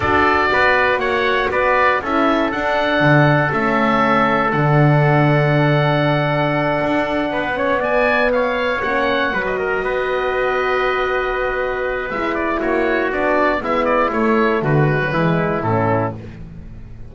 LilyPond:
<<
  \new Staff \with { instrumentName = "oboe" } { \time 4/4 \tempo 4 = 119 d''2 fis''4 d''4 | e''4 fis''2 e''4~ | e''4 fis''2.~ | fis''2.~ fis''8 gis''8~ |
gis''8 f''4 fis''4~ fis''16 dis''4~ dis''16~ | dis''1 | e''8 d''8 cis''4 d''4 e''8 d''8 | cis''4 b'2 a'4 | }
  \new Staff \with { instrumentName = "trumpet" } { \time 4/4 a'4 b'4 cis''4 b'4 | a'1~ | a'1~ | a'2~ a'8 b'8 cis''8 d''8~ |
d''8 cis''2 b'8 ais'8 b'8~ | b'1~ | b'4 fis'2 e'4~ | e'4 fis'4 e'2 | }
  \new Staff \with { instrumentName = "horn" } { \time 4/4 fis'1 | e'4 d'2 cis'4~ | cis'4 d'2.~ | d'2. cis'8 b8~ |
b4. cis'4 fis'4.~ | fis'1 | e'2 d'4 b4 | a4. gis16 fis16 gis4 cis'4 | }
  \new Staff \with { instrumentName = "double bass" } { \time 4/4 d'4 b4 ais4 b4 | cis'4 d'4 d4 a4~ | a4 d2.~ | d4. d'4 b4.~ |
b4. ais4 fis4 b8~ | b1 | gis4 ais4 b4 gis4 | a4 d4 e4 a,4 | }
>>